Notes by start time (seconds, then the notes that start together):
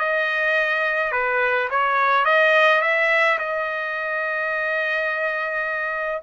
0.00 D#5
1.12 B4
1.71 C#5
2.26 D#5
2.82 E5
3.39 D#5